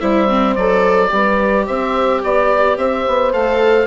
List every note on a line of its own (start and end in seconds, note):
0.00 0.57 G3
0.00 0.29 E4
0.00 1.12 C5
0.00 0.56 E5
0.29 0.57 C4
0.56 1.12 F#3
0.56 1.08 A4
0.56 1.67 D5
1.08 1.67 G3
1.08 3.31 G4
1.08 1.66 B4
1.66 2.24 C4
1.66 2.22 C5
1.66 2.22 E5
2.24 2.77 B3
2.24 2.78 D5
2.24 2.80 D5
2.77 3.05 C4
2.77 3.87 C5
2.77 3.33 E5
3.08 3.34 B3
3.33 3.87 A3
3.33 3.87 A4
3.33 3.87 F5